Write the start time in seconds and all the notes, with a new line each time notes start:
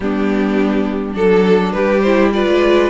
0.00 G3 B3 D4 G4
1.13 F#3 D4 A4
1.73 G3 G4 B4
2.00 E4 C5
2.33 F4 B4 D5
2.47 G#3